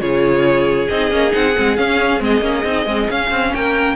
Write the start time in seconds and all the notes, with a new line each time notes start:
0.00 C#3 F4 G#4 C#5
0.88 C4 D#4 D#5
1.10 A#3 C#4
1.30 C4 D#4 F#5
1.56 G#3 C4
1.76 C#4 F5
2.19 G#3 C4 D#5
2.41 A#3 C#4
2.64 C4 D#4
2.86 G#3 C4
3.10 C#4 F5
3.30 C4
3.54 A#3 A#4 G5